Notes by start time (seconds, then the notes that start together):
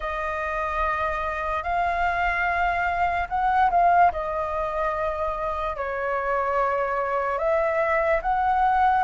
0.00 D#5
1.63 F5
3.29 F#5
3.70 F5
4.11 D#5
5.76 C#5
7.38 E5
8.22 F#5